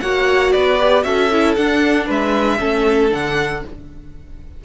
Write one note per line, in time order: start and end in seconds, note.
0.00 0.53 A#3
0.00 0.78 F#4
0.00 0.53 C#5
0.00 0.52 F#5
0.52 1.04 B3
0.52 1.04 B4
0.52 1.03 D5
0.78 1.03 G4
1.03 1.56 C#4
1.03 1.29 F#4
1.03 2.06 A4
1.03 1.55 E5
1.31 1.57 E4
1.55 2.08 D4
1.55 2.58 D4
1.55 2.06 F#5
2.06 2.60 G#3
2.06 2.58 B4
2.06 3.12 E5
2.58 3.12 A3
2.58 3.09 C#4
2.58 3.62 A4
3.09 3.63 D3
3.09 3.61 D4
3.09 3.64 F#5